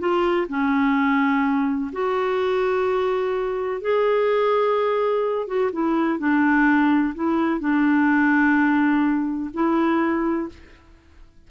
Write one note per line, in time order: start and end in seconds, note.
0.00 0.48 F4
0.49 1.92 C#4
1.93 3.82 F#4
3.82 5.47 G#4
5.47 5.71 F#4
5.73 6.19 E4
6.19 7.15 D4
7.15 7.60 E4
7.60 9.51 D4
9.54 10.49 E4